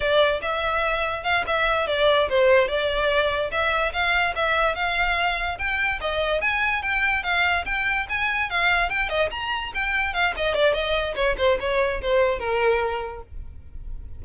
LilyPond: \new Staff \with { instrumentName = "violin" } { \time 4/4 \tempo 4 = 145 d''4 e''2 f''8 e''8~ | e''8 d''4 c''4 d''4.~ | d''8 e''4 f''4 e''4 f''8~ | f''4. g''4 dis''4 gis''8~ |
gis''8 g''4 f''4 g''4 gis''8~ | gis''8 f''4 g''8 dis''8 ais''4 g''8~ | g''8 f''8 dis''8 d''8 dis''4 cis''8 c''8 | cis''4 c''4 ais'2 | }